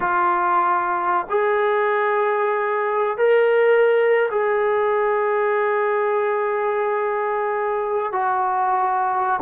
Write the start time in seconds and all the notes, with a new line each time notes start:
0.00 F4
1.29 G#4
3.17 A#4
4.31 G#4
8.12 F#4